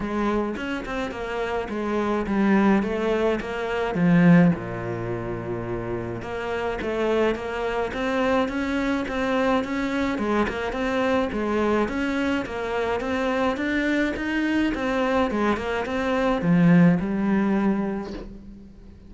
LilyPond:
\new Staff \with { instrumentName = "cello" } { \time 4/4 \tempo 4 = 106 gis4 cis'8 c'8 ais4 gis4 | g4 a4 ais4 f4 | ais,2. ais4 | a4 ais4 c'4 cis'4 |
c'4 cis'4 gis8 ais8 c'4 | gis4 cis'4 ais4 c'4 | d'4 dis'4 c'4 gis8 ais8 | c'4 f4 g2 | }